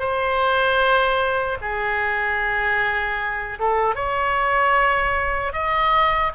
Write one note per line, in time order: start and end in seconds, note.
0.00 1.58 C5
1.62 3.59 G#4
3.60 3.96 A4
3.96 5.53 C#5
5.53 6.32 D#5